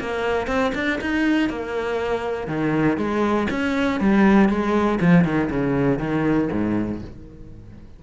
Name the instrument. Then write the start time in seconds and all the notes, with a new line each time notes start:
cello
0.00 A#3
0.47 C4
0.74 D4
1.01 D#4
1.49 A#3
2.47 D#3
2.97 G#3
3.50 C#4
4.00 G3
4.49 G#3
5.00 F3
5.24 D#3
5.50 C#3
5.98 D#3
6.52 G#2